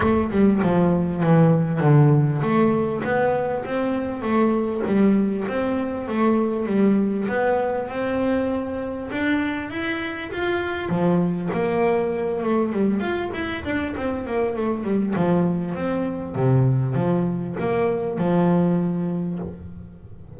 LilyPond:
\new Staff \with { instrumentName = "double bass" } { \time 4/4 \tempo 4 = 99 a8 g8 f4 e4 d4 | a4 b4 c'4 a4 | g4 c'4 a4 g4 | b4 c'2 d'4 |
e'4 f'4 f4 ais4~ | ais8 a8 g8 f'8 e'8 d'8 c'8 ais8 | a8 g8 f4 c'4 c4 | f4 ais4 f2 | }